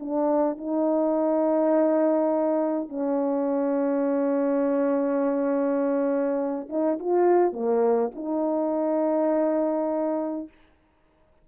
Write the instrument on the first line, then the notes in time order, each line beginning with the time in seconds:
horn
0.00 D4
0.57 D#4
2.89 C#4
6.69 D#4
6.99 F4
7.53 A#3
8.15 D#4